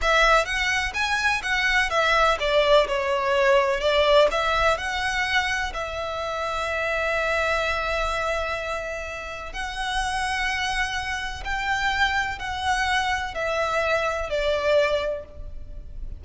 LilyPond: \new Staff \with { instrumentName = "violin" } { \time 4/4 \tempo 4 = 126 e''4 fis''4 gis''4 fis''4 | e''4 d''4 cis''2 | d''4 e''4 fis''2 | e''1~ |
e''1 | fis''1 | g''2 fis''2 | e''2 d''2 | }